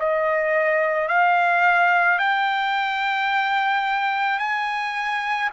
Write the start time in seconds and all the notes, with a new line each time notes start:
0.00 D#5
1.09 F5
2.19 G5
4.39 G#5